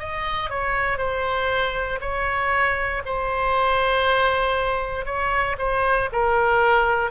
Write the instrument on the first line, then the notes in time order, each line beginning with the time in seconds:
oboe
0.00 D#5
0.50 C#5
0.98 C5
2.01 C#5
3.06 C5
5.06 C#5
5.59 C5
6.12 A#4